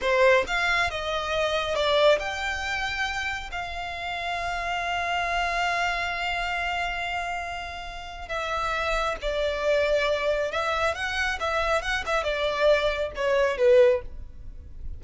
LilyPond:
\new Staff \with { instrumentName = "violin" } { \time 4/4 \tempo 4 = 137 c''4 f''4 dis''2 | d''4 g''2. | f''1~ | f''1~ |
f''2. e''4~ | e''4 d''2. | e''4 fis''4 e''4 fis''8 e''8 | d''2 cis''4 b'4 | }